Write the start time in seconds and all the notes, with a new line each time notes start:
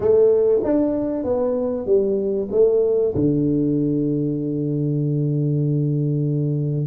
0.00 A3
0.63 D4
1.24 B3
1.86 G3
2.51 A3
3.14 D3